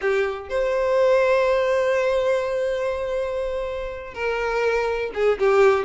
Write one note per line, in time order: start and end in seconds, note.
0.01 0.49 G4
0.49 4.14 C5
4.14 5.11 A#4
5.14 5.38 G#4
5.38 5.84 G4